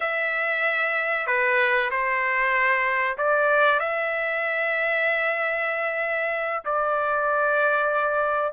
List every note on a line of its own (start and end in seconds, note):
0.00 1.26 E5
1.26 1.89 B4
1.91 3.17 C5
3.17 3.79 D5
3.79 6.63 E5
6.65 8.52 D5